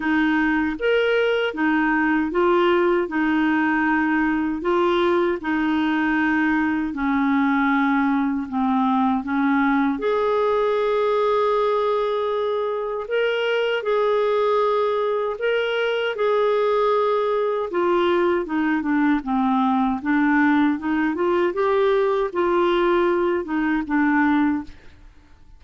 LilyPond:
\new Staff \with { instrumentName = "clarinet" } { \time 4/4 \tempo 4 = 78 dis'4 ais'4 dis'4 f'4 | dis'2 f'4 dis'4~ | dis'4 cis'2 c'4 | cis'4 gis'2.~ |
gis'4 ais'4 gis'2 | ais'4 gis'2 f'4 | dis'8 d'8 c'4 d'4 dis'8 f'8 | g'4 f'4. dis'8 d'4 | }